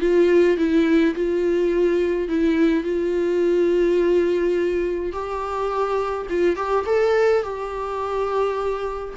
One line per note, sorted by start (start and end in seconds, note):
0.00 0.57 F4
0.57 1.14 E4
1.15 2.29 F4
2.29 2.84 E4
2.84 5.12 F4
5.12 6.27 G4
6.30 6.56 F4
6.56 6.85 G4
6.86 7.43 A4
7.43 9.14 G4